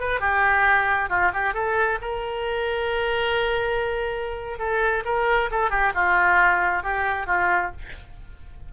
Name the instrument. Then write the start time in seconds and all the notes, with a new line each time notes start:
oboe
0.00 B4
0.21 G4
1.10 F4
1.34 G4
1.54 A4
2.02 A#4
4.59 A4
5.05 A#4
5.51 A4
5.70 G4
5.95 F4
6.83 G4
7.27 F4